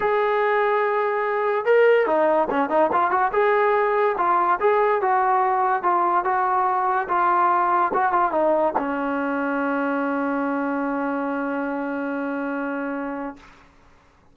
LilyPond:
\new Staff \with { instrumentName = "trombone" } { \time 4/4 \tempo 4 = 144 gis'1 | ais'4 dis'4 cis'8 dis'8 f'8 fis'8 | gis'2 f'4 gis'4 | fis'2 f'4 fis'4~ |
fis'4 f'2 fis'8 f'8 | dis'4 cis'2.~ | cis'1~ | cis'1 | }